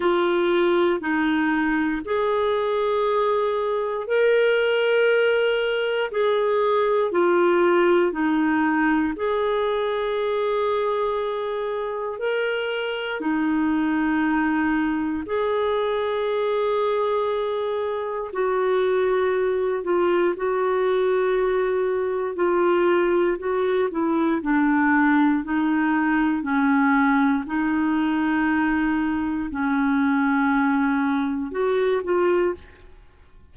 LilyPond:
\new Staff \with { instrumentName = "clarinet" } { \time 4/4 \tempo 4 = 59 f'4 dis'4 gis'2 | ais'2 gis'4 f'4 | dis'4 gis'2. | ais'4 dis'2 gis'4~ |
gis'2 fis'4. f'8 | fis'2 f'4 fis'8 e'8 | d'4 dis'4 cis'4 dis'4~ | dis'4 cis'2 fis'8 f'8 | }